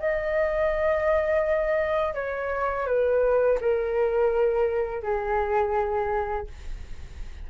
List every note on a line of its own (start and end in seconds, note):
0.00 2.15 D#5
2.15 2.87 C#5
2.87 3.59 B4
3.61 5.03 A#4
5.03 6.47 G#4